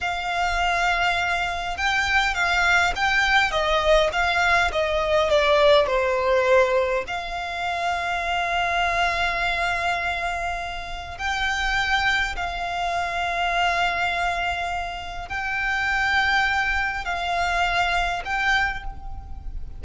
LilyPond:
\new Staff \with { instrumentName = "violin" } { \time 4/4 \tempo 4 = 102 f''2. g''4 | f''4 g''4 dis''4 f''4 | dis''4 d''4 c''2 | f''1~ |
f''2. g''4~ | g''4 f''2.~ | f''2 g''2~ | g''4 f''2 g''4 | }